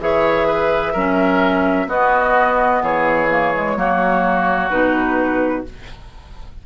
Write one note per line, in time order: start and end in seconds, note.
0.00 0.94 E3
0.00 0.94 G#4
0.00 0.47 C#5
0.00 1.89 E5
0.47 0.93 B4
0.93 1.88 F#3
0.93 1.88 C#4
0.93 1.86 A#4
1.88 2.81 B3
1.88 3.28 B3
1.88 2.83 F#4
1.88 2.83 D#5
2.82 3.76 E3
2.82 3.76 G#4
2.82 4.69 C#5
3.30 3.54 A#3
3.55 3.77 G#3
3.76 4.70 F#3
3.76 4.71 A#3
3.76 5.66 F#4
4.69 5.64 B2
4.69 5.64 D#4
4.69 5.63 B4